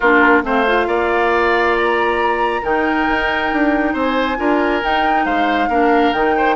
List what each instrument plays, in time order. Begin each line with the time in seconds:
0.00 bassoon A#3, clarinet D4, oboe F4, flute A#4
0.43 bassoon A3, clarinet C4, oboe C5, flute F5
0.66 clarinet F4
0.86 bassoon A#3, oboe D5
1.77 flute A#5
2.62 bassoon D#3, clarinet D#4, oboe A#4, flute G5
3.09 bassoon D#4
3.53 bassoon D4
3.93 bassoon C4, oboe C5, flute G#5
4.37 bassoon D4, clarinet F4, oboe A#4
4.83 bassoon D#4, clarinet D#4, flute G5
5.25 bassoon G#3, oboe C5, flute F5
5.68 bassoon A#3, clarinet D4, oboe A#4
6.12 bassoon D#3, clarinet D#4, flute G5
6.37 oboe C5